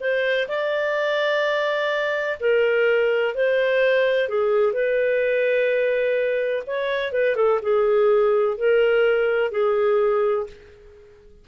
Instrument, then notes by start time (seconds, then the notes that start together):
clarinet
0.00 C5
0.48 D5
2.39 A#4
3.34 C5
4.28 G#4
4.73 B4
6.66 C#5
7.12 B4
7.35 A4
7.62 G#4
8.57 A#4
9.51 G#4